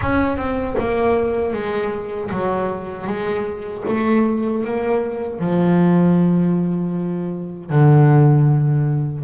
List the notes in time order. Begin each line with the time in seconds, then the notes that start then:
0.01 C#4
0.37 C4
0.79 A#3
1.53 G#3
2.31 F#3
3.06 G#3
3.87 A3
4.64 A#3
5.39 F3
7.70 D3